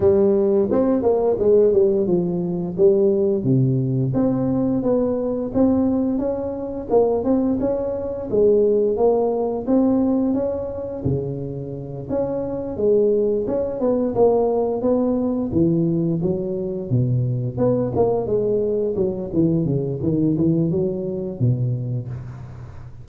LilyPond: \new Staff \with { instrumentName = "tuba" } { \time 4/4 \tempo 4 = 87 g4 c'8 ais8 gis8 g8 f4 | g4 c4 c'4 b4 | c'4 cis'4 ais8 c'8 cis'4 | gis4 ais4 c'4 cis'4 |
cis4. cis'4 gis4 cis'8 | b8 ais4 b4 e4 fis8~ | fis8 b,4 b8 ais8 gis4 fis8 | e8 cis8 dis8 e8 fis4 b,4 | }